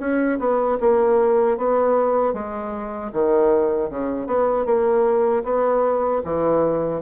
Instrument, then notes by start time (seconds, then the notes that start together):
bassoon
0.00 C#4
0.39 B3
0.80 A#3
1.58 B3
2.34 G#3
3.13 D#3
3.90 C#3
4.27 B3
4.66 A#3
5.44 B3
6.24 E3